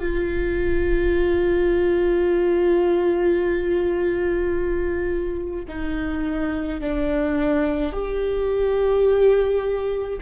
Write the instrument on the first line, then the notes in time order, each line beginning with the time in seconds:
viola
0.00 F4
5.69 D#4
6.81 D4
7.93 G4